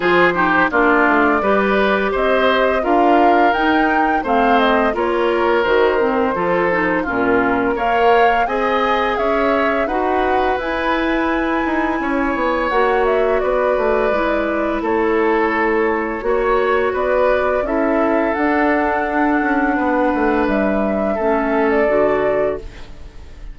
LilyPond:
<<
  \new Staff \with { instrumentName = "flute" } { \time 4/4 \tempo 4 = 85 c''4 d''2 dis''4 | f''4 g''4 f''8 dis''8 cis''4 | c''2 ais'4 f''4 | gis''4 e''4 fis''4 gis''4~ |
gis''2 fis''8 e''8 d''4~ | d''4 cis''2. | d''4 e''4 fis''2~ | fis''4 e''4.~ e''16 d''4~ d''16 | }
  \new Staff \with { instrumentName = "oboe" } { \time 4/4 gis'8 g'8 f'4 b'4 c''4 | ais'2 c''4 ais'4~ | ais'4 a'4 f'4 cis''4 | dis''4 cis''4 b'2~ |
b'4 cis''2 b'4~ | b'4 a'2 cis''4 | b'4 a'2. | b'2 a'2 | }
  \new Staff \with { instrumentName = "clarinet" } { \time 4/4 f'8 dis'8 d'4 g'2 | f'4 dis'4 c'4 f'4 | fis'8 c'8 f'8 dis'8 cis'4 ais'4 | gis'2 fis'4 e'4~ |
e'2 fis'2 | e'2. fis'4~ | fis'4 e'4 d'2~ | d'2 cis'4 fis'4 | }
  \new Staff \with { instrumentName = "bassoon" } { \time 4/4 f4 ais8 a8 g4 c'4 | d'4 dis'4 a4 ais4 | dis4 f4 ais,4 ais4 | c'4 cis'4 dis'4 e'4~ |
e'8 dis'8 cis'8 b8 ais4 b8 a8 | gis4 a2 ais4 | b4 cis'4 d'4. cis'8 | b8 a8 g4 a4 d4 | }
>>